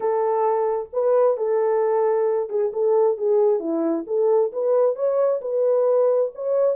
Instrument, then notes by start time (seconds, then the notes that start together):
horn
0.00 A4
0.92 B4
1.37 A4
2.49 G#4
2.73 A4
3.17 G#4
3.59 E4
4.07 A4
4.52 B4
4.95 C#5
5.41 B4
6.35 C#5